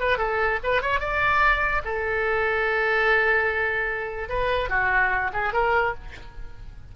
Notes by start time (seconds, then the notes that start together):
0.00 B4
0.18 A4
0.64 B4
0.82 C#5
1.00 D5
1.85 A4
4.29 B4
4.70 F#4
5.33 G#4
5.53 A#4